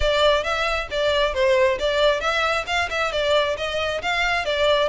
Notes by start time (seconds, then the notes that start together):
0.00 D5
0.43 E5
0.91 D5
1.34 C5
1.79 D5
2.20 E5
2.66 F5
2.89 E5
3.12 D5
3.57 D#5
4.01 F5
4.45 D5